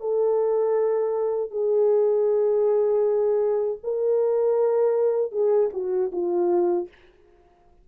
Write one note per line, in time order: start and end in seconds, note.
0.00 1.50 A4
1.50 3.78 G#4
3.84 5.32 A#4
5.32 5.70 G#4
5.73 6.11 F#4
6.12 6.88 F4